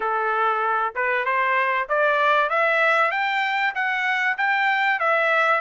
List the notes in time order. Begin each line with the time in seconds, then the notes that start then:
0.00 A4
0.95 B4
1.25 C5
1.88 D5
2.49 E5
3.11 G5
3.74 F#5
4.38 G5
4.99 E5